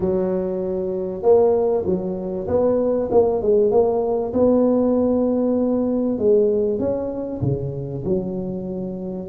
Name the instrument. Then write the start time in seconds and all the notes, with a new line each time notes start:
tuba
0.00 F#3
1.22 A#3
1.85 F#3
2.47 B3
3.11 A#3
3.42 G#3
3.71 A#3
4.33 B3
6.18 G#3
6.79 C#4
7.41 C#3
8.04 F#3